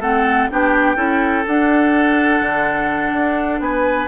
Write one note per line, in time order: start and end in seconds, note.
0.00 0.48 A3
0.00 0.50 C4
0.00 0.49 A4
0.00 0.50 F#5
0.50 0.96 B3
0.50 0.96 D4
0.50 0.96 G4
0.50 1.47 G5
0.96 1.44 C#4
0.96 1.44 E4
0.96 3.60 A4
1.47 2.41 D4
1.47 4.08 D4
1.47 3.61 F#5
2.41 3.12 D3
3.12 3.60 D4
3.60 4.08 B3
3.60 4.08 B4
3.60 4.08 G#5